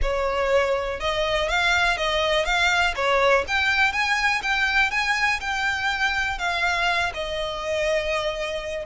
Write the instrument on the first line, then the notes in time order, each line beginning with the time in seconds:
violin
0.01 C#5
1.00 D#5
1.49 F5
1.97 D#5
2.45 F5
2.95 C#5
3.47 G5
3.92 G#5
4.42 G5
4.90 G#5
5.40 G5
6.38 F5
7.14 D#5